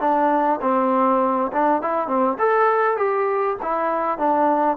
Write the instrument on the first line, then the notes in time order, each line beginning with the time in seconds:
trombone
0.00 D4
0.61 C4
1.52 D4
1.82 E4
2.08 C4
2.38 A4
2.97 G4
3.62 E4
4.18 D4